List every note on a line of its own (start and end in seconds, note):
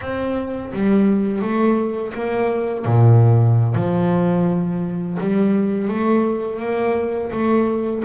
0.01 0.72 C4
0.73 1.41 G3
1.41 2.13 A3
2.14 2.85 A#3
2.85 3.74 A#2
3.74 5.17 F3
5.19 5.88 G3
5.88 6.59 A3
6.59 7.31 A#3
7.31 8.03 A3